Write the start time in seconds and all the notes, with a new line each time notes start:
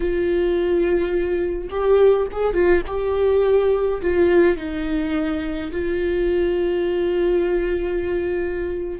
0.00 F4
1.69 G4
2.31 G#4
2.53 F4
2.86 G4
4.01 F4
4.57 D#4
5.71 F4